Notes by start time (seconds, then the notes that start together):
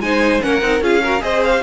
0.00 G#3 D#4 C5 G#5
0.41 A#3 C#4 A#4 F#5
0.62 C4 D#4
0.81 C#4 F4 G#4 F5
1.03 F#4 A#4
1.21 C4 G#4 C5 D#5
1.45 F5